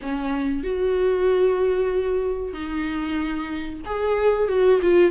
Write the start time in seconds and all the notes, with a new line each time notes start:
0.02 C#4
0.63 F#4
2.53 D#4
3.85 G#4
4.48 F#4
4.82 F4